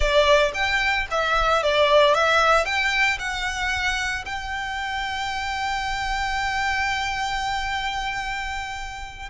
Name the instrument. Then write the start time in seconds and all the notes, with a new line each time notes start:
violin
0.00 D5
0.53 G5
1.10 E5
1.62 D5
2.14 E5
2.65 G5
3.18 F#5
4.25 G5